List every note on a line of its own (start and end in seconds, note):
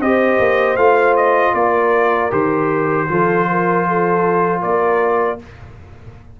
0.00 0.38 C4
0.00 0.78 G4
0.00 1.55 C5
0.00 0.76 D#5
0.39 0.76 A#3
0.76 1.53 A3
0.76 2.30 F4
0.76 1.15 F5
1.16 1.54 D#5
1.54 2.31 A#3
1.54 3.09 A#4
1.54 2.31 D5
2.30 3.09 D#3
2.30 3.07 G4
2.30 4.62 C5
3.08 4.63 F3
3.08 5.39 F4
3.08 3.49 A4
3.50 3.88 A#4
3.88 4.61 A4
4.61 5.40 A#3
4.61 5.38 A#4
4.61 5.39 D5